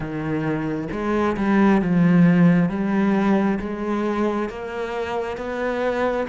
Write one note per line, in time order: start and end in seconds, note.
0.00 0.88 D#3
0.91 1.36 G#3
1.37 1.82 G3
1.82 2.69 F3
2.69 3.58 G3
3.59 4.49 G#3
4.49 5.37 A#3
5.37 6.26 B3